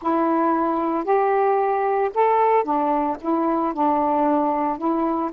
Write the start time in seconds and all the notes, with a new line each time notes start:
0.01 E4
1.04 G4
2.14 A4
2.64 D4
3.21 E4
3.73 D4
4.77 E4